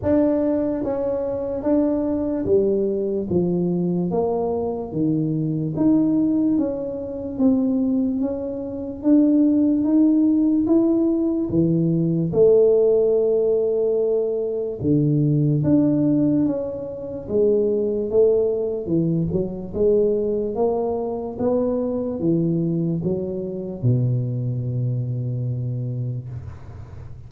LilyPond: \new Staff \with { instrumentName = "tuba" } { \time 4/4 \tempo 4 = 73 d'4 cis'4 d'4 g4 | f4 ais4 dis4 dis'4 | cis'4 c'4 cis'4 d'4 | dis'4 e'4 e4 a4~ |
a2 d4 d'4 | cis'4 gis4 a4 e8 fis8 | gis4 ais4 b4 e4 | fis4 b,2. | }